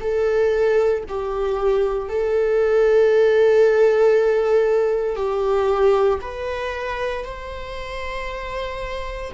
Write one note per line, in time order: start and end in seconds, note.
0.00 1.03 A4
1.08 2.09 G4
2.09 5.16 A4
5.16 6.19 G4
6.21 7.25 B4
7.25 9.32 C5